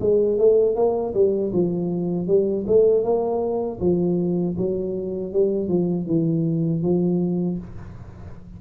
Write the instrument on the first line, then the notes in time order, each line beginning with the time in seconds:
tuba
0.00 G#3
0.38 A3
0.75 A#3
1.14 G3
1.53 F3
2.27 G3
2.67 A3
3.03 A#3
3.80 F3
4.57 F#3
5.33 G3
5.68 F3
6.06 E3
6.82 F3